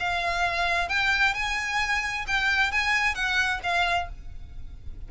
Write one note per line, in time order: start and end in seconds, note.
0.00 0.89 F5
0.89 1.34 G5
1.34 2.26 G#5
2.27 2.72 G5
2.72 3.15 G#5
3.15 3.61 F#5
3.63 4.09 F5